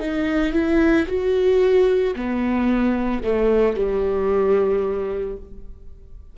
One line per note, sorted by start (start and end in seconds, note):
0.00 0.53 D#4
0.53 1.06 E4
1.08 2.15 F#4
2.16 3.23 B3
3.23 3.76 A3
3.76 5.37 G3